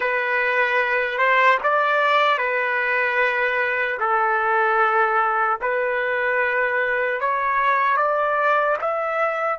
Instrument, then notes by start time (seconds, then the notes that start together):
trumpet
0.00 B4
1.17 C5
1.63 D5
2.38 B4
3.99 A4
5.61 B4
7.20 C#5
7.96 D5
8.81 E5